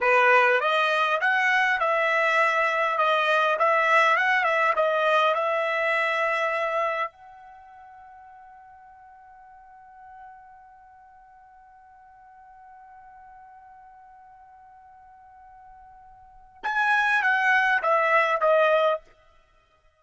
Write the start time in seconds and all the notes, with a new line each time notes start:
0.01 B4
0.60 D#5
1.20 F#5
1.80 E5
2.98 D#5
3.58 E5
4.16 F#5
4.43 E5
4.76 D#5
5.34 E5
7.11 F#5
16.63 G#5
17.22 F#5
17.82 E5
18.41 D#5